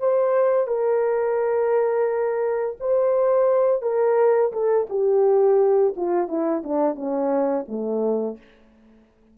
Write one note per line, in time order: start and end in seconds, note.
0.00 0.68 C5
0.68 2.77 A#4
2.80 3.82 C5
3.82 4.52 A#4
4.53 4.87 A4
4.90 5.95 G4
5.97 6.28 F4
6.28 6.63 E4
6.64 6.95 D4
6.95 7.65 C#4
7.68 8.38 A3